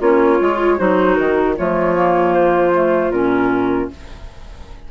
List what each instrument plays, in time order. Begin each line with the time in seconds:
0.00 bassoon A#3, clarinet C#4 F4, flute C#5
0.39 bassoon G#3, clarinet F4
0.78 bassoon F#3, clarinet D#4 F#4, flute C5
1.16 bassoon D#3, flute A#4
1.57 bassoon F3, clarinet A3 F4, flute C#5
1.95 clarinet A#3
2.34 flute C5
2.74 clarinet A3
3.10 bassoon A#2, clarinet C#4, flute A#4